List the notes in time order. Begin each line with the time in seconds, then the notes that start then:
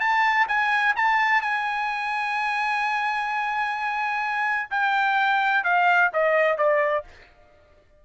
0.00 A5
0.48 G#5
0.96 A5
1.41 G#5
4.70 G5
5.64 F5
6.13 D#5
6.58 D5